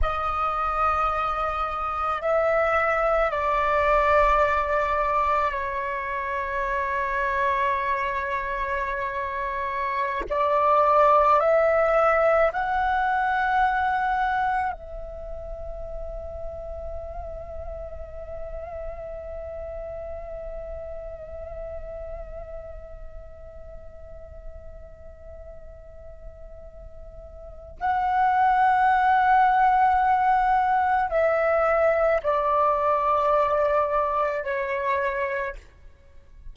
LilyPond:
\new Staff \with { instrumentName = "flute" } { \time 4/4 \tempo 4 = 54 dis''2 e''4 d''4~ | d''4 cis''2.~ | cis''4~ cis''16 d''4 e''4 fis''8.~ | fis''4~ fis''16 e''2~ e''8.~ |
e''1~ | e''1~ | e''4 fis''2. | e''4 d''2 cis''4 | }